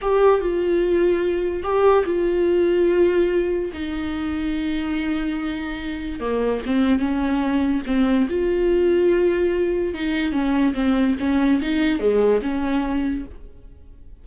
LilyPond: \new Staff \with { instrumentName = "viola" } { \time 4/4 \tempo 4 = 145 g'4 f'2. | g'4 f'2.~ | f'4 dis'2.~ | dis'2. ais4 |
c'4 cis'2 c'4 | f'1 | dis'4 cis'4 c'4 cis'4 | dis'4 gis4 cis'2 | }